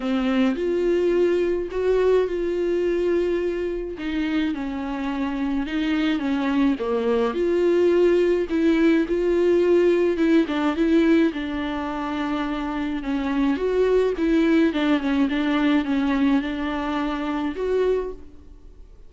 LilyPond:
\new Staff \with { instrumentName = "viola" } { \time 4/4 \tempo 4 = 106 c'4 f'2 fis'4 | f'2. dis'4 | cis'2 dis'4 cis'4 | ais4 f'2 e'4 |
f'2 e'8 d'8 e'4 | d'2. cis'4 | fis'4 e'4 d'8 cis'8 d'4 | cis'4 d'2 fis'4 | }